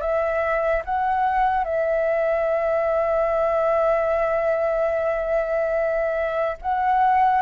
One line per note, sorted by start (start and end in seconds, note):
0.00 0.82 E5
0.84 1.64 F#5
1.64 6.57 E5
6.61 7.42 F#5